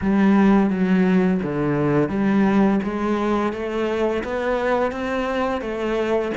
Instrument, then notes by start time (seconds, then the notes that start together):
cello
0.01 G3
0.70 F#3
1.42 D3
2.09 G3
2.83 G#3
3.52 A3
4.23 B3
4.91 C4
5.61 A3